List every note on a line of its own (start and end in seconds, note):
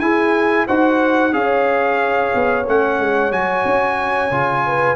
0.00 0.66 E4
0.00 0.68 E4
0.00 0.67 G#4
0.00 0.66 G#5
0.67 1.33 D#4
0.67 1.33 F#4
0.67 1.33 C5
0.67 1.33 F#5
1.33 2.32 C#4
1.33 2.64 G#4
1.33 4.65 C#5
1.33 2.65 F5
2.34 2.67 B3
2.67 2.99 A3
2.67 3.31 C#4
2.67 3.32 F#5
2.99 3.31 G#3
3.31 3.64 F#3
3.31 4.30 F#4
3.31 4.96 G#5
3.65 4.30 C#4
4.31 4.96 C#3
4.31 4.96 F4
4.66 4.96 B4